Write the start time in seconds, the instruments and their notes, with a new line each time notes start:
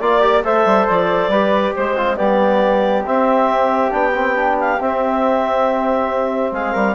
0.00 bassoon A#3, trombone F4, clarinet D5, flute D5
0.21 trombone G4
0.44 bassoon A3, trombone A4, flute C5, clarinet E5
0.65 bassoon G3
0.88 bassoon F3, clarinet D5
1.28 bassoon G3, trombone G4, flute B4
1.75 bassoon G#3, clarinet C5, flute C5
1.94 flute C4, trombone F4
2.16 bassoon G3, trombone B3, flute G4, clarinet D5
3.06 trombone C4, bassoon C4, clarinet E5
3.90 bassoon B3, trombone D4, clarinet G5
4.14 trombone C4
4.35 trombone D4
4.60 clarinet F5
4.80 trombone C4, bassoon C4, clarinet E5
6.51 bassoon G#3, flute G#4, clarinet F5
6.72 bassoon G3, flute A#4